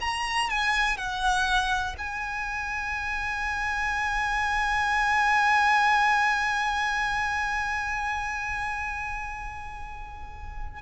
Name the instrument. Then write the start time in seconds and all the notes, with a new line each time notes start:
violin
0.00 A#5
0.49 G#5
0.97 F#5
1.98 G#5